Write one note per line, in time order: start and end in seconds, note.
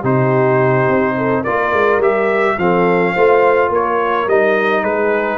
0.00 0.88 C3
0.00 1.45 D#4
0.00 1.13 G4
0.00 1.44 C5
0.88 1.44 C4
1.17 1.41 A4
1.41 1.72 A#3
1.41 2.01 F4
1.41 2.54 A#4
1.41 2.00 D5
1.72 1.98 G#3
1.98 2.54 G3
1.98 2.58 G4
1.98 2.58 E5
2.58 3.15 F3
2.58 3.16 C4
2.58 3.12 A4
2.58 3.71 F5
3.12 3.69 A3
3.12 4.29 F4
3.12 3.69 C5
3.69 4.26 A#3
3.69 4.84 A#4
3.69 4.28 C#5
4.27 4.83 G3
4.27 5.38 D#4
4.27 4.84 D#5
4.83 5.38 G#3
4.83 5.38 G#4
4.83 5.38 B4